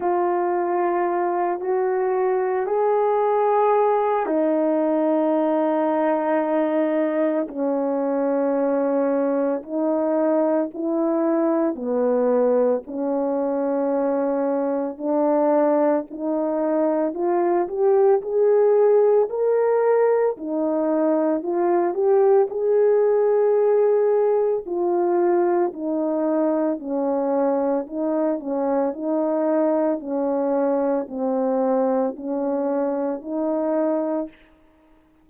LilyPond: \new Staff \with { instrumentName = "horn" } { \time 4/4 \tempo 4 = 56 f'4. fis'4 gis'4. | dis'2. cis'4~ | cis'4 dis'4 e'4 b4 | cis'2 d'4 dis'4 |
f'8 g'8 gis'4 ais'4 dis'4 | f'8 g'8 gis'2 f'4 | dis'4 cis'4 dis'8 cis'8 dis'4 | cis'4 c'4 cis'4 dis'4 | }